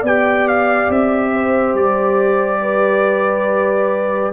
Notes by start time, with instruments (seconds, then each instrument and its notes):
0.00 tuba B3, horn D5
0.06 trombone G4, trumpet G5
0.49 trumpet F5
0.90 tuba C4, trumpet E5
1.33 horn C5
1.74 tuba G3, trumpet D5
2.62 horn B4